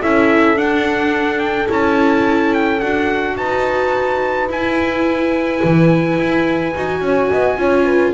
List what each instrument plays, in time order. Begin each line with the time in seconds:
0.00 double bass C#4, viola E4, horn A4, trumpet E5
0.56 double bass D4, viola D4, trumpet F#5
1.39 trumpet G5
1.67 double bass C#4, viola E4, trumpet A5
2.54 trumpet G5
2.80 double bass D4, viola F#4, trumpet F#5
3.37 double bass D#4, horn B4, trumpet A5
4.49 viola E4, double bass E4, trumpet G#5
5.64 double bass E3
6.18 double bass E4
6.75 double bass D#4, viola F#4
7.01 double bass C#4, horn C#5
7.30 double bass B3, horn D#5
7.57 double bass C#4, viola F4, horn C#5
7.86 horn B4